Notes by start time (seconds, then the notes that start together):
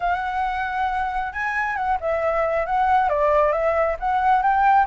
0.00 F#5
1.32 G#5
1.76 F#5
2.00 E5
2.66 F#5
3.09 D5
3.52 E5
3.99 F#5
4.42 G5